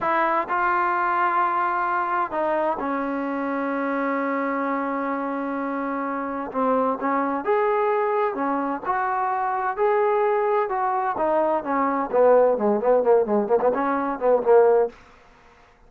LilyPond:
\new Staff \with { instrumentName = "trombone" } { \time 4/4 \tempo 4 = 129 e'4 f'2.~ | f'4 dis'4 cis'2~ | cis'1~ | cis'2 c'4 cis'4 |
gis'2 cis'4 fis'4~ | fis'4 gis'2 fis'4 | dis'4 cis'4 b4 gis8 b8 | ais8 gis8 ais16 b16 cis'4 b8 ais4 | }